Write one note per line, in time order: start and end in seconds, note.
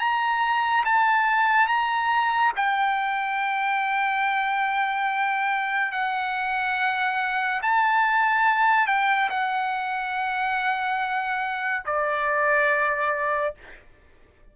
0.00 0.85 A#5
0.85 1.68 A5
1.68 2.52 A#5
2.57 5.92 G5
5.92 7.61 F#5
7.62 8.87 A5
8.87 9.30 G5
9.30 11.84 F#5
11.86 13.55 D5